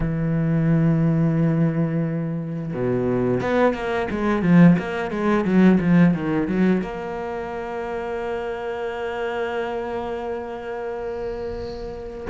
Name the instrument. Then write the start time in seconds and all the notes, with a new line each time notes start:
cello
0.00 E3
2.73 B2
3.41 B3
3.73 A#3
4.11 G#3
4.42 F3
4.79 A#3
5.10 G#3
5.44 F#3
5.80 F3
6.14 D#3
6.47 F#3
6.81 A#3